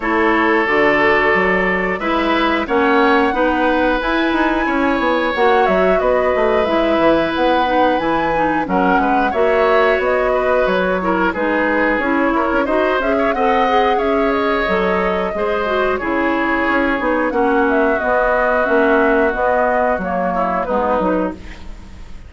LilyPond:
<<
  \new Staff \with { instrumentName = "flute" } { \time 4/4 \tempo 4 = 90 cis''4 d''2 e''4 | fis''2 gis''2 | fis''8 e''8 dis''4 e''4 fis''4 | gis''4 fis''4 e''4 dis''4 |
cis''4 b'4 cis''4 dis''8 e''8 | fis''4 e''8 dis''2~ dis''8 | cis''2 fis''8 e''8 dis''4 | e''4 dis''4 cis''4 b'4 | }
  \new Staff \with { instrumentName = "oboe" } { \time 4/4 a'2. b'4 | cis''4 b'2 cis''4~ | cis''4 b'2.~ | b'4 ais'8 b'8 cis''4. b'8~ |
b'8 ais'8 gis'4. ais'8 c''8. cis''16 | dis''4 cis''2 c''4 | gis'2 fis'2~ | fis'2~ fis'8 e'8 dis'4 | }
  \new Staff \with { instrumentName = "clarinet" } { \time 4/4 e'4 fis'2 e'4 | cis'4 dis'4 e'2 | fis'2 e'4. dis'8 | e'8 dis'8 cis'4 fis'2~ |
fis'8 e'8 dis'4 e'4 fis'8 gis'8 | a'8 gis'4. a'4 gis'8 fis'8 | e'4. dis'8 cis'4 b4 | cis'4 b4 ais4 b8 dis'8 | }
  \new Staff \with { instrumentName = "bassoon" } { \time 4/4 a4 d4 fis4 gis4 | ais4 b4 e'8 dis'8 cis'8 b8 | ais8 fis8 b8 a8 gis8 e8 b4 | e4 fis8 gis8 ais4 b4 |
fis4 gis4 cis'8 e'16 cis'16 dis'8 cis'8 | c'4 cis'4 fis4 gis4 | cis4 cis'8 b8 ais4 b4 | ais4 b4 fis4 gis8 fis8 | }
>>